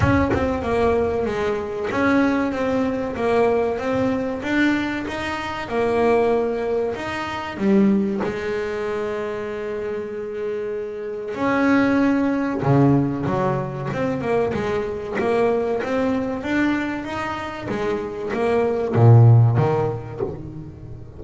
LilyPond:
\new Staff \with { instrumentName = "double bass" } { \time 4/4 \tempo 4 = 95 cis'8 c'8 ais4 gis4 cis'4 | c'4 ais4 c'4 d'4 | dis'4 ais2 dis'4 | g4 gis2.~ |
gis2 cis'2 | cis4 fis4 c'8 ais8 gis4 | ais4 c'4 d'4 dis'4 | gis4 ais4 ais,4 dis4 | }